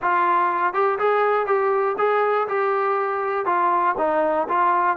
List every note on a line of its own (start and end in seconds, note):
0.02 0.73 F4
0.73 0.98 G4
0.98 1.46 G#4
1.46 1.96 G4
1.98 2.47 G#4
2.47 3.45 G4
3.45 3.95 F4
3.97 4.47 D#4
4.48 4.97 F4